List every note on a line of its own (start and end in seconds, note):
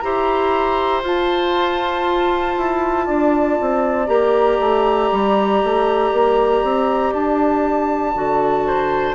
0.00 1.03 E4
0.00 1.04 G4
0.00 3.06 C5
0.00 1.02 A#5
1.03 2.56 F4
1.03 4.07 F4
1.03 4.08 A5
2.58 3.08 E4
3.06 3.59 D4
3.06 8.65 D5
3.61 4.08 C4
4.07 4.59 A#3
4.07 8.14 G4
4.07 7.13 A#5
4.60 5.11 A3
5.12 5.63 G3
5.64 6.12 A3
6.12 6.63 A#3
6.63 7.14 C4
7.14 8.15 D4
7.14 9.15 A5
8.15 9.15 D3
8.15 9.15 F#4
8.67 9.15 C5